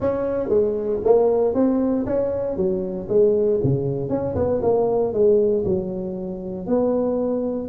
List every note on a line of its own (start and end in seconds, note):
0.00 0.48 C#4
0.48 1.00 G#3
1.04 1.54 A#3
1.54 2.05 C4
2.05 2.56 C#4
2.56 3.07 F#3
3.08 3.60 G#3
3.63 4.09 C#3
4.09 4.34 C#4
4.35 4.61 B3
4.62 5.13 A#3
5.13 5.64 G#3
5.64 6.66 F#3
6.66 7.68 B3